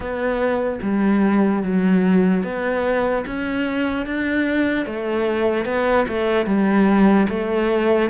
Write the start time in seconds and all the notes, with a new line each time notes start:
0.00 B3
0.81 G3
1.62 F#3
2.43 B3
3.26 C#4
4.05 D4
4.85 A3
5.65 B3
6.08 A3
6.46 G3
7.29 A3